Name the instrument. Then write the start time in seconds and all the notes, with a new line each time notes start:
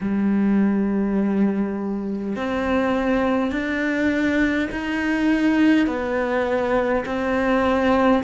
cello
0.00 G3
2.35 C4
3.51 D4
4.71 D#4
5.86 B3
7.05 C4